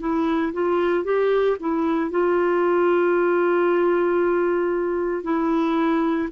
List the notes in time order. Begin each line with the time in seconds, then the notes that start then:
0.00 E4
0.54 F4
1.05 G4
1.60 E4
2.11 F4
5.24 E4